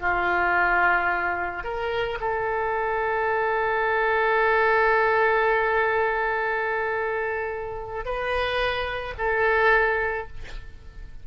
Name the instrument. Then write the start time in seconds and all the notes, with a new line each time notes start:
oboe
0.00 F4
1.64 A#4
2.20 A4
8.05 B4
9.18 A4